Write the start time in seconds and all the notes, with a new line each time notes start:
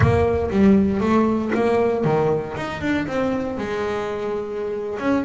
0.00 A#3
0.50 G3
1.00 A3
1.54 A#3
2.04 D#3
2.56 D#4
2.81 D4
3.07 C4
3.57 G#3
4.99 C#4